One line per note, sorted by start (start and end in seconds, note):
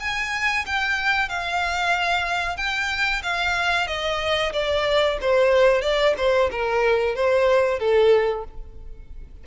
0.00 0.65 G#5
0.66 1.29 G5
1.29 2.57 F5
2.57 3.22 G5
3.23 3.87 F5
3.87 4.52 D#5
4.53 5.18 D5
5.21 5.82 C5
5.82 6.14 D5
6.17 6.50 C5
6.51 7.15 A#4
7.15 7.79 C5
7.79 8.44 A4